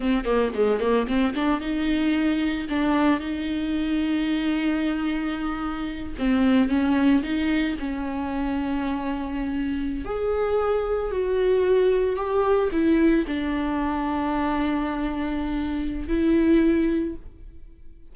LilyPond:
\new Staff \with { instrumentName = "viola" } { \time 4/4 \tempo 4 = 112 c'8 ais8 gis8 ais8 c'8 d'8 dis'4~ | dis'4 d'4 dis'2~ | dis'2.~ dis'8 c'8~ | c'8 cis'4 dis'4 cis'4.~ |
cis'2~ cis'8. gis'4~ gis'16~ | gis'8. fis'2 g'4 e'16~ | e'8. d'2.~ d'16~ | d'2 e'2 | }